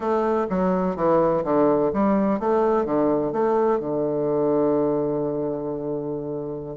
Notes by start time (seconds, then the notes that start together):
0.00 A3
0.49 F#3
0.96 E3
1.44 D3
1.93 G3
2.39 A3
2.85 D3
3.32 A3
3.79 D3